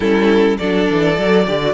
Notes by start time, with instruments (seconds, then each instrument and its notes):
0.00 cello G3, viola C#4, violin E4 A4
0.58 cello F#3, viola D4, violin A4 D5
0.90 cello E3
1.16 cello F#3, viola A4
1.47 cello D3, viola G4, violin D5
1.62 viola F#4